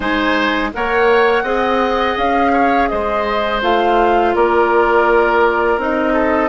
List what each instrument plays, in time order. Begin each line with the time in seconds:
0.00 bassoon G#3, clarinet D#4, oboe C5, flute G#5
0.73 bassoon A#3, clarinet A#4, oboe C#5, flute F#5
1.43 bassoon C4, clarinet G#4, oboe D#5
2.17 bassoon C#4, flute F5
2.52 oboe C#5
2.88 bassoon G#3, oboe C5, flute D#5
3.62 bassoon A3, clarinet F4, flute F5
4.35 bassoon A#3, oboe A#4, flute D5
5.77 bassoon C4, clarinet D#4, flute D#5
6.13 oboe A4